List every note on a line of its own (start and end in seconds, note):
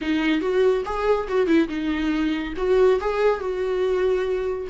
0.01 0.40 D#4
0.40 0.83 F#4
0.85 1.27 G#4
1.28 1.46 F#4
1.46 1.68 E4
1.68 2.53 D#4
2.56 2.99 F#4
3.00 3.40 G#4
3.40 4.67 F#4